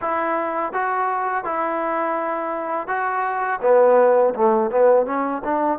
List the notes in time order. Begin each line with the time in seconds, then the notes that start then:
0.01 E4
0.72 F#4
1.44 E4
2.87 F#4
3.61 B3
4.34 A3
4.70 B3
5.05 C#4
5.44 D4